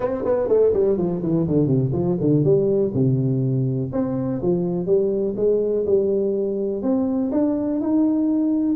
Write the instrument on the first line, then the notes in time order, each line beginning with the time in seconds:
tuba
0.00 C4
0.24 B3
0.48 A3
0.73 G3
0.97 F3
1.22 E3
1.47 D3
1.67 C3
1.93 F3
2.20 D3
2.44 G3
2.94 C3
3.92 C4
4.41 F3
4.86 G3
5.36 G#3
5.86 G3
6.82 C4
7.31 D4
7.80 D#4